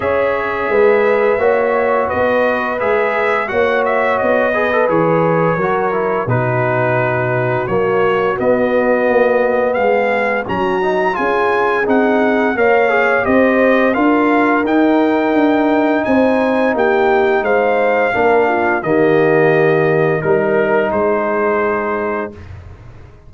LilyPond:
<<
  \new Staff \with { instrumentName = "trumpet" } { \time 4/4 \tempo 4 = 86 e''2. dis''4 | e''4 fis''8 e''8 dis''4 cis''4~ | cis''4 b'2 cis''4 | dis''2 f''4 ais''4 |
gis''4 fis''4 f''4 dis''4 | f''4 g''2 gis''4 | g''4 f''2 dis''4~ | dis''4 ais'4 c''2 | }
  \new Staff \with { instrumentName = "horn" } { \time 4/4 cis''4 b'4 cis''4 b'4~ | b'4 cis''4. b'4. | ais'4 fis'2.~ | fis'2 gis'4 fis'4 |
gis'2 cis''4 c''4 | ais'2. c''4 | g'4 c''4 ais'8 f'8 g'4~ | g'4 ais'4 gis'2 | }
  \new Staff \with { instrumentName = "trombone" } { \time 4/4 gis'2 fis'2 | gis'4 fis'4. gis'16 a'16 gis'4 | fis'8 e'8 dis'2 ais4 | b2. cis'8 dis'8 |
f'4 dis'4 ais'8 gis'8 g'4 | f'4 dis'2.~ | dis'2 d'4 ais4~ | ais4 dis'2. | }
  \new Staff \with { instrumentName = "tuba" } { \time 4/4 cis'4 gis4 ais4 b4 | gis4 ais4 b4 e4 | fis4 b,2 fis4 | b4 ais4 gis4 fis4 |
cis'4 c'4 ais4 c'4 | d'4 dis'4 d'4 c'4 | ais4 gis4 ais4 dis4~ | dis4 g4 gis2 | }
>>